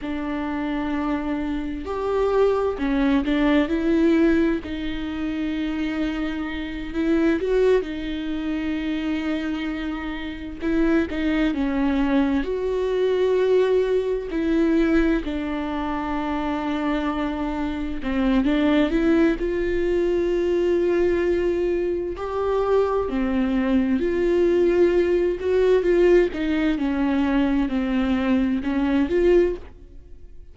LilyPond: \new Staff \with { instrumentName = "viola" } { \time 4/4 \tempo 4 = 65 d'2 g'4 cis'8 d'8 | e'4 dis'2~ dis'8 e'8 | fis'8 dis'2. e'8 | dis'8 cis'4 fis'2 e'8~ |
e'8 d'2. c'8 | d'8 e'8 f'2. | g'4 c'4 f'4. fis'8 | f'8 dis'8 cis'4 c'4 cis'8 f'8 | }